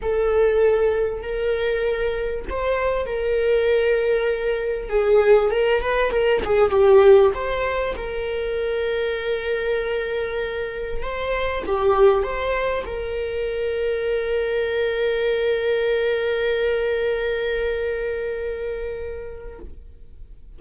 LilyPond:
\new Staff \with { instrumentName = "viola" } { \time 4/4 \tempo 4 = 98 a'2 ais'2 | c''4 ais'2. | gis'4 ais'8 b'8 ais'8 gis'8 g'4 | c''4 ais'2.~ |
ais'2 c''4 g'4 | c''4 ais'2.~ | ais'1~ | ais'1 | }